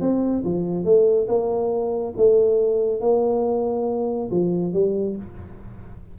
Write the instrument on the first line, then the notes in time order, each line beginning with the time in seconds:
tuba
0.00 C4
0.44 F3
0.85 A3
1.28 A#3
2.16 A3
3.01 A#3
4.31 F3
4.73 G3